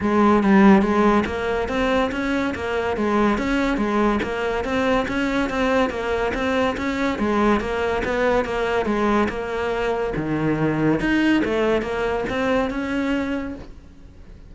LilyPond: \new Staff \with { instrumentName = "cello" } { \time 4/4 \tempo 4 = 142 gis4 g4 gis4 ais4 | c'4 cis'4 ais4 gis4 | cis'4 gis4 ais4 c'4 | cis'4 c'4 ais4 c'4 |
cis'4 gis4 ais4 b4 | ais4 gis4 ais2 | dis2 dis'4 a4 | ais4 c'4 cis'2 | }